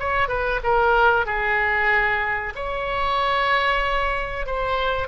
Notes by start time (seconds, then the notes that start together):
0.00 C#5
0.29 B4
0.64 A#4
1.26 G#4
2.56 C#5
4.47 C5